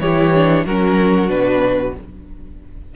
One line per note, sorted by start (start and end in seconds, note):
0.00 0.65 E3
0.00 0.35 E4
0.00 0.65 G4
0.00 0.66 C#5
0.35 0.67 D4
0.65 1.29 F#3
0.65 1.28 C#4
0.65 1.96 F#4
0.65 1.30 A#4
1.28 1.95 B2
1.28 1.94 D4
1.28 1.95 B4